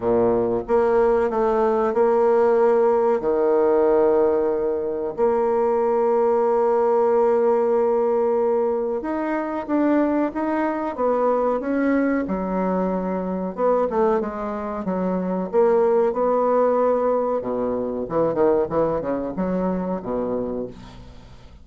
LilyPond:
\new Staff \with { instrumentName = "bassoon" } { \time 4/4 \tempo 4 = 93 ais,4 ais4 a4 ais4~ | ais4 dis2. | ais1~ | ais2 dis'4 d'4 |
dis'4 b4 cis'4 fis4~ | fis4 b8 a8 gis4 fis4 | ais4 b2 b,4 | e8 dis8 e8 cis8 fis4 b,4 | }